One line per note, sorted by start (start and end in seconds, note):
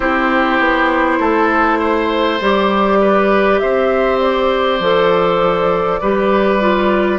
0.00 0.59 C4
0.00 2.39 E4
0.00 1.19 G4
0.00 2.40 C5
0.59 1.19 B3
1.19 2.40 A3
1.19 1.78 A4
1.78 2.98 C5
2.40 3.60 G3
2.40 4.80 G4
2.40 3.58 D5
3.00 3.60 B4
3.58 4.79 C4
3.58 6.00 C5
3.58 4.18 E5
4.19 7.19 D5
4.79 5.99 F3
4.79 6.02 A4
6.00 7.19 G3
6.00 6.59 G4
6.00 7.19 B4
6.59 7.19 F4